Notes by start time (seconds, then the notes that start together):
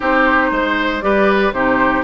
0.00 C4 D#4 G4 C5
0.51 G#3 C5
1.00 G3 G4 B4 D5
1.52 C3 D#4 G4 C5